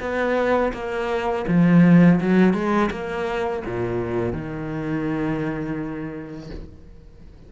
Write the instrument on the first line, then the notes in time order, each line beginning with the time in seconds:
cello
0.00 B3
0.73 A#3
1.48 F3
2.20 F#3
2.54 G#3
2.91 A#3
3.65 A#2
4.33 D#3